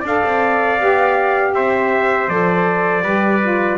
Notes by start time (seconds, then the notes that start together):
0.00 D4 A4 D5
0.06 F5
0.24 C4
0.79 B3 G4
1.54 C4 C5 E5
2.28 F3 A4 D5
3.03 G3 G4 B4
3.42 F4